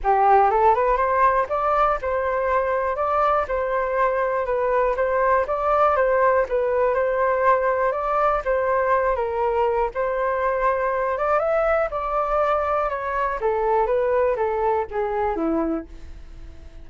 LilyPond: \new Staff \with { instrumentName = "flute" } { \time 4/4 \tempo 4 = 121 g'4 a'8 b'8 c''4 d''4 | c''2 d''4 c''4~ | c''4 b'4 c''4 d''4 | c''4 b'4 c''2 |
d''4 c''4. ais'4. | c''2~ c''8 d''8 e''4 | d''2 cis''4 a'4 | b'4 a'4 gis'4 e'4 | }